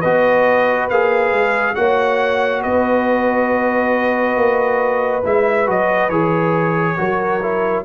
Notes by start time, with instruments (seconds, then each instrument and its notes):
0.00 tuba B3, trombone F#4, horn B4, trumpet D#5
0.89 tuba A#3, trombone G#4, trumpet F5
1.32 tuba G#3
1.75 tuba A#3, trombone F#4, horn C#5, trumpet F#5
2.62 tuba B3, horn B4, trumpet D#5
4.36 tuba A#3
5.24 tuba G#3, trombone E4, trumpet E5
5.66 tuba F#3, trombone F#4, trumpet D#5
6.09 tuba E3, trombone G#4, trumpet C#5
6.97 tuba F#3, trombone F#4, horn A#4
7.42 trombone E4